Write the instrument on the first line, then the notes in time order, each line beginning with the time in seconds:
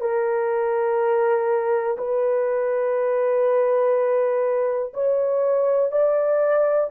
horn
0.00 A#4
1.98 B4
4.93 C#5
5.92 D5